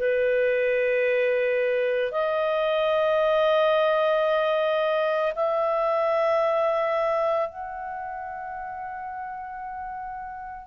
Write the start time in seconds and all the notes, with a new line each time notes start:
0.00 B4
2.12 D#5
5.36 E5
7.50 F#5